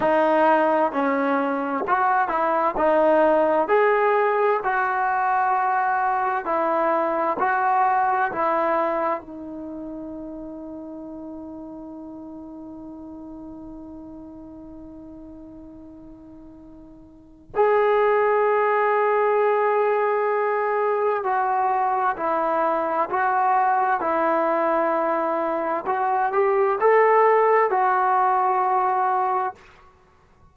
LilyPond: \new Staff \with { instrumentName = "trombone" } { \time 4/4 \tempo 4 = 65 dis'4 cis'4 fis'8 e'8 dis'4 | gis'4 fis'2 e'4 | fis'4 e'4 dis'2~ | dis'1~ |
dis'2. gis'4~ | gis'2. fis'4 | e'4 fis'4 e'2 | fis'8 g'8 a'4 fis'2 | }